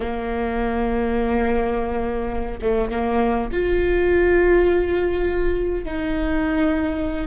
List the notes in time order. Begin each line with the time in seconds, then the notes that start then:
0.00 A#3
2.61 A3
2.90 A#3
3.52 F4
5.84 D#4